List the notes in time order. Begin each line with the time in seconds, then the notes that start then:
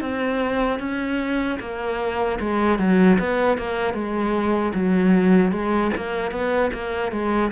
0.00 C4
0.79 C#4
1.59 A#3
2.40 G#3
2.78 F#3
3.19 B3
3.57 A#3
3.93 G#3
4.74 F#3
5.52 G#3
5.96 A#3
6.31 B3
6.73 A#3
7.11 G#3